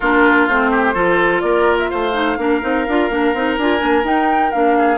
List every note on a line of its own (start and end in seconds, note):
0.00 0.48 A#3
0.00 0.50 D4
0.00 0.70 F4
0.00 0.46 A#4
0.48 0.95 A3
0.48 0.94 C4
0.48 1.40 C5
0.70 0.94 G4
0.94 1.42 F3
0.94 2.13 F4
0.94 1.41 A4
1.40 1.89 A#3
1.40 1.90 A#4
1.40 1.76 D5
1.78 1.89 E5
1.89 2.37 A3
1.89 2.38 C5
1.89 3.56 F5
2.13 2.37 D#4
2.37 2.61 A#3
2.37 2.61 D4
2.37 4.78 A#4
2.61 2.87 C4
2.61 2.85 D#4
2.87 3.09 D4
2.87 3.10 F4
3.09 3.33 A#3
3.09 3.34 D4
3.33 3.57 C4
3.33 3.59 D#4
3.57 3.81 D4
3.57 3.78 F4
3.57 4.05 G#5
3.78 4.03 A#3
3.78 4.02 D4
4.03 4.51 D#4
4.03 4.52 D#4
4.03 4.51 G5
4.51 4.97 A#3
4.51 4.97 D4
4.51 4.97 F5
4.78 4.97 G#4